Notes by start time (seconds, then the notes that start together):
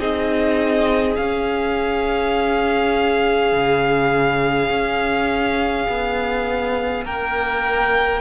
0.00 C4 D#4 G#4 D#5
1.16 C#4 F5
3.53 C#3
4.70 C#4
5.89 B3
7.05 A#3 A#4 G5